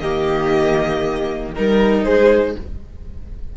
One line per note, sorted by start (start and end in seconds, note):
0.00 1.54 D#3
0.00 1.55 A#3
0.00 1.54 G4
0.00 1.53 D#5
1.54 2.05 G3
1.54 2.57 D#4
1.54 2.05 A#4
1.54 2.04 A#4
2.04 2.56 G#3
2.04 2.55 G#4
2.04 2.55 C5